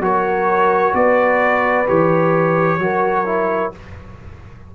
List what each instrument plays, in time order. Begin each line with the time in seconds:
0.00 tuba F#3, trombone F#4, horn A#4, trumpet C#5
0.94 tuba B3, horn B4, trumpet D5
1.87 tuba E3, trombone G4, trumpet C#5
2.79 tuba F#3, trombone F#4, horn A#4
3.26 trombone E4